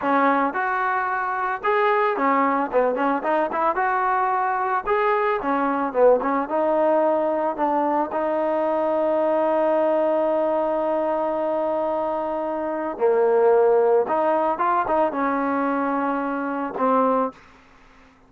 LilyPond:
\new Staff \with { instrumentName = "trombone" } { \time 4/4 \tempo 4 = 111 cis'4 fis'2 gis'4 | cis'4 b8 cis'8 dis'8 e'8 fis'4~ | fis'4 gis'4 cis'4 b8 cis'8 | dis'2 d'4 dis'4~ |
dis'1~ | dis'1 | ais2 dis'4 f'8 dis'8 | cis'2. c'4 | }